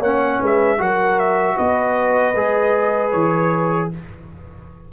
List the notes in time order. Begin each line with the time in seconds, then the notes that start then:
0.00 A#3 C#4 C#5 F#5
0.40 G#3 B4
0.46 E5
0.78 F#3 F#4 A#4 F#5
1.19 E5
1.56 B3 B4 D#5
2.36 G#3 G#4
3.11 E3 C#5